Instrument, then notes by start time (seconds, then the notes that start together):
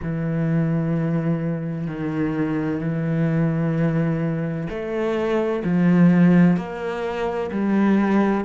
cello
0.02 E3
1.87 D#3
2.80 E3
4.69 A3
5.64 F3
6.56 A#3
7.51 G3